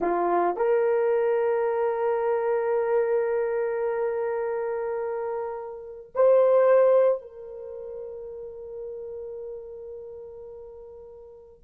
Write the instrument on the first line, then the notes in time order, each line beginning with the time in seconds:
horn
0.01 F4
0.56 A#4
6.14 C5
7.21 A#4